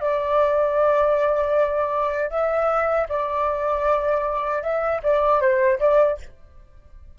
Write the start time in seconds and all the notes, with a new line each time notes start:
0.00 D5
2.30 E5
3.09 D5
4.63 E5
5.03 D5
5.41 C5
5.79 D5